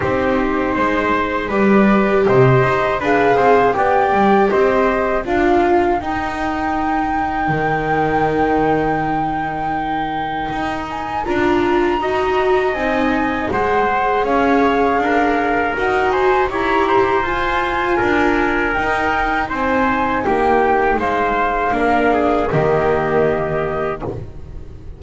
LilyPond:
<<
  \new Staff \with { instrumentName = "flute" } { \time 4/4 \tempo 4 = 80 c''2 d''4 dis''4 | f''4 g''4 dis''4 f''4 | g''1~ | g''2~ g''8 gis''8 ais''4~ |
ais''4 gis''4 fis''4 f''4~ | f''4 fis''8 gis''8 ais''4 gis''4~ | gis''4 g''4 gis''4 g''4 | f''2 dis''2 | }
  \new Staff \with { instrumentName = "trumpet" } { \time 4/4 g'4 c''4 b'4 c''4 | b'8 c''8 d''4 c''4 ais'4~ | ais'1~ | ais'1 |
dis''2 c''4 cis''4 | ais'4. c''8 cis''8 c''4. | ais'2 c''4 g'4 | c''4 ais'8 gis'8 g'2 | }
  \new Staff \with { instrumentName = "viola" } { \time 4/4 dis'2 g'2 | gis'4 g'2 f'4 | dis'1~ | dis'2. f'4 |
fis'4 dis'4 gis'2~ | gis'4 fis'4 g'4 f'4~ | f'4 dis'2.~ | dis'4 d'4 ais2 | }
  \new Staff \with { instrumentName = "double bass" } { \time 4/4 c'4 gis4 g4 c8 dis'8 | d'8 c'8 b8 g8 c'4 d'4 | dis'2 dis2~ | dis2 dis'4 d'4 |
dis'4 c'4 gis4 cis'4 | d'4 dis'4 e'4 f'4 | d'4 dis'4 c'4 ais4 | gis4 ais4 dis2 | }
>>